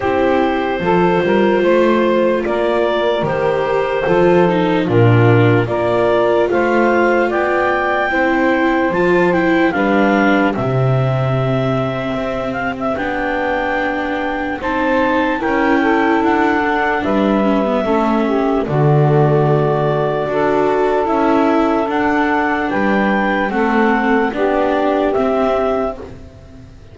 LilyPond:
<<
  \new Staff \with { instrumentName = "clarinet" } { \time 4/4 \tempo 4 = 74 c''2. d''4 | c''2 ais'4 d''4 | f''4 g''2 a''8 g''8 | f''4 e''2~ e''8 f''16 e''16 |
g''2 a''4 g''4 | fis''4 e''2 d''4~ | d''2 e''4 fis''4 | g''4 fis''4 d''4 e''4 | }
  \new Staff \with { instrumentName = "saxophone" } { \time 4/4 g'4 a'8 ais'8 c''4 ais'4~ | ais'4 a'4 f'4 ais'4 | c''4 d''4 c''2 | b'4 g'2.~ |
g'2 c''4 ais'8 a'8~ | a'4 b'4 a'8 g'8 fis'4~ | fis'4 a'2. | b'4 a'4 g'2 | }
  \new Staff \with { instrumentName = "viola" } { \time 4/4 e'4 f'2. | g'4 f'8 dis'8 d'4 f'4~ | f'2 e'4 f'8 e'8 | d'4 c'2. |
d'2 dis'4 e'4~ | e'8 d'4 cis'16 b16 cis'4 a4~ | a4 fis'4 e'4 d'4~ | d'4 c'4 d'4 c'4 | }
  \new Staff \with { instrumentName = "double bass" } { \time 4/4 c'4 f8 g8 a4 ais4 | dis4 f4 ais,4 ais4 | a4 b4 c'4 f4 | g4 c2 c'4 |
b2 c'4 cis'4 | d'4 g4 a4 d4~ | d4 d'4 cis'4 d'4 | g4 a4 b4 c'4 | }
>>